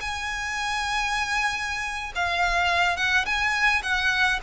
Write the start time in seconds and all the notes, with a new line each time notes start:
0.00 G#5
2.15 F5
2.96 F#5
3.25 G#5
3.83 F#5